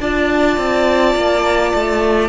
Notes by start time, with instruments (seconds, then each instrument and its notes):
0.00 cello D4, viola F4, violin D5 A5
0.57 cello C4
1.15 cello A#3
1.74 cello A3